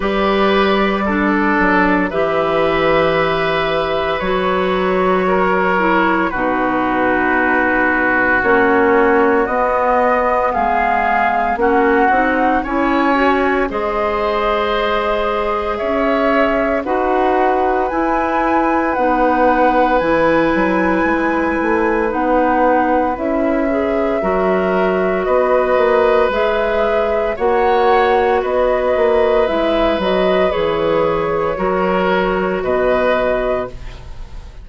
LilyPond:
<<
  \new Staff \with { instrumentName = "flute" } { \time 4/4 \tempo 4 = 57 d''2 e''2 | cis''2 b'2 | cis''4 dis''4 f''4 fis''4 | gis''4 dis''2 e''4 |
fis''4 gis''4 fis''4 gis''4~ | gis''4 fis''4 e''2 | dis''4 e''4 fis''4 dis''4 | e''8 dis''8 cis''2 dis''4 | }
  \new Staff \with { instrumentName = "oboe" } { \time 4/4 b'4 a'4 b'2~ | b'4 ais'4 fis'2~ | fis'2 gis'4 fis'4 | cis''4 c''2 cis''4 |
b'1~ | b'2. ais'4 | b'2 cis''4 b'4~ | b'2 ais'4 b'4 | }
  \new Staff \with { instrumentName = "clarinet" } { \time 4/4 g'4 d'4 g'2 | fis'4. e'8 dis'2 | cis'4 b2 cis'8 dis'8 | e'8 fis'8 gis'2. |
fis'4 e'4 dis'4 e'4~ | e'4 dis'4 e'8 gis'8 fis'4~ | fis'4 gis'4 fis'2 | e'8 fis'8 gis'4 fis'2 | }
  \new Staff \with { instrumentName = "bassoon" } { \time 4/4 g4. fis8 e2 | fis2 b,2 | ais4 b4 gis4 ais8 c'8 | cis'4 gis2 cis'4 |
dis'4 e'4 b4 e8 fis8 | gis8 a8 b4 cis'4 fis4 | b8 ais8 gis4 ais4 b8 ais8 | gis8 fis8 e4 fis4 b,4 | }
>>